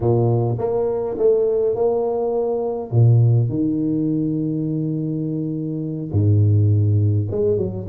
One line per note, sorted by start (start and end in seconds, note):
0.00 0.57 A#2
0.58 1.17 A#3
1.18 1.75 A3
1.75 2.91 A#3
2.91 3.49 A#2
3.49 6.11 D#3
6.11 7.28 G#2
7.30 7.57 G#3
7.57 7.86 F#3